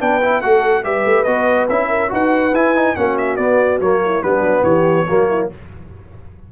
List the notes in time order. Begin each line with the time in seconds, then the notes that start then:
0.00 B3 D4 B4 G5
0.22 E4
0.41 A3 F#4 A4 F#5
0.84 G3 G4 B4 E5
1.05 A3
1.24 B3 F#4 D#5
1.69 C#4 E4 E5
1.89 A#4
2.09 D#4 F#4 B4 F#5
2.53 E4 G#5
2.75 D#4
2.96 A#3 C#4 F#4 F#5
3.18 E5
3.37 B3 D5
3.80 F#3 A#3 C#5
4.05 E4
4.23 G3 B3 D4 B4
4.41 F#3
4.63 E3 G4 C#5
5.09 F#3 A#3 F#4
5.29 E4